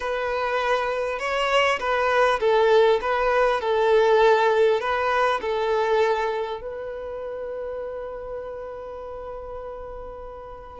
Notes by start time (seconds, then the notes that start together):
0.00 B4
1.19 C#5
1.79 B4
2.39 A4
3.01 B4
3.60 A4
4.80 B4
5.41 A4
6.61 B4